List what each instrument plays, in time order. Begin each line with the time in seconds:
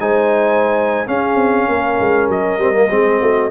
0.00 tuba G#3, trombone D#4, horn C5, trumpet G#5
1.07 trombone C#4, tuba C#4, horn G#4, trumpet F5
1.35 tuba C4
1.68 tuba A#3, horn A#4
1.99 tuba G#3
2.28 tuba F#3, trumpet D#5
2.58 tuba G3, trombone C4
2.73 trombone A#3
2.90 tuba G#3, trombone C4, horn G#4
3.20 tuba A3, horn F#4